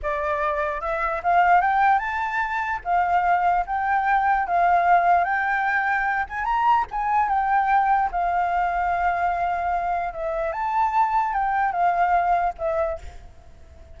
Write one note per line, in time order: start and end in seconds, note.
0.02 0.81 D5
0.81 1.21 E5
1.23 1.61 F5
1.61 1.98 G5
1.98 2.79 A5
2.84 3.65 F5
3.66 4.47 G5
4.47 5.24 F5
5.24 6.25 G5
6.29 6.44 G#5
6.44 6.85 A#5
6.91 7.29 G#5
7.29 8.10 G5
8.11 10.13 F5
10.13 10.52 E5
10.52 11.33 A5
11.33 11.72 G5
11.72 12.53 F5
12.58 12.98 E5